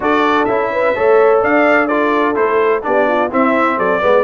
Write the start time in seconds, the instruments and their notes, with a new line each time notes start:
0.00 tuba D4, trombone F#4, horn A4, trumpet D5
0.45 tuba C#4, trombone E4, trumpet E5
0.72 horn B4
0.95 tuba A3, trombone A4, horn C#5
1.42 tuba D4, horn D5, trumpet F5
1.87 trombone F4, horn A4, trumpet D5
2.34 tuba A3, trombone E4, trumpet C5
2.81 tuba B3, trombone D4, horn G4, trumpet D5
3.08 horn F4
3.29 trombone C4, tuba C4, horn E4, trumpet E5
3.77 tuba F#3, horn A4, trumpet D5
4.01 tuba G#3, trombone B3, horn B4